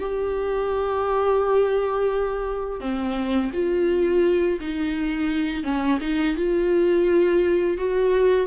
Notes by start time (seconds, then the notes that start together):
0.00 G4
2.81 C4
3.54 F4
4.61 D#4
5.64 C#4
6.01 D#4
6.37 F4
7.78 F#4